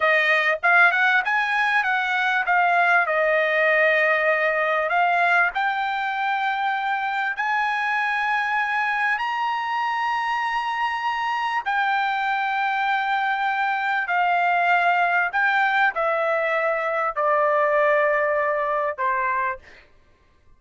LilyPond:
\new Staff \with { instrumentName = "trumpet" } { \time 4/4 \tempo 4 = 98 dis''4 f''8 fis''8 gis''4 fis''4 | f''4 dis''2. | f''4 g''2. | gis''2. ais''4~ |
ais''2. g''4~ | g''2. f''4~ | f''4 g''4 e''2 | d''2. c''4 | }